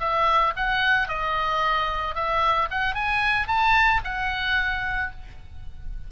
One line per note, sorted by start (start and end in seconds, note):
0.00 0.54 E5
0.57 1.09 F#5
1.09 2.16 D#5
2.16 2.69 E5
2.71 2.95 F#5
2.95 3.48 G#5
3.48 4.02 A5
4.04 5.12 F#5